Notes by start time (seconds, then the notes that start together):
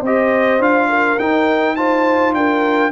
0.00 C4 G4 C5 D#5
0.59 D4 F4 F5
0.89 A#4
1.19 D#4 G5
1.75 F4 C5 A5
2.33 D4 A#4 G5